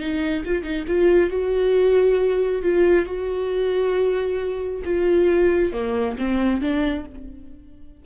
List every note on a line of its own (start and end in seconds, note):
0.00 0.44 D#4
0.45 0.63 F4
0.63 0.85 D#4
0.88 1.31 F4
1.31 2.63 F#4
2.63 3.06 F4
3.06 4.83 F#4
4.85 5.73 F4
5.73 6.17 A#3
6.19 6.61 C4
6.61 7.05 D4